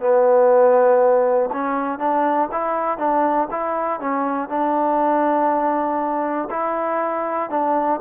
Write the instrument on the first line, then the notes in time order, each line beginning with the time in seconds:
trombone
0.00 B3
1.53 C#4
1.99 D4
2.52 E4
2.98 D4
3.51 E4
4.00 C#4
4.49 D4
6.50 E4
7.50 D4